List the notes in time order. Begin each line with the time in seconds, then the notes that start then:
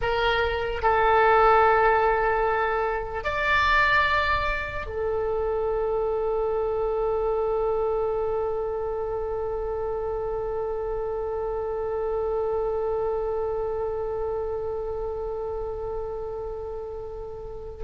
0.01 A#4
0.82 A4
3.24 D5
4.86 A4